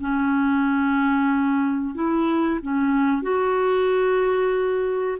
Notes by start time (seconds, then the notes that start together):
0.00 C#4
1.94 E4
2.61 C#4
3.22 F#4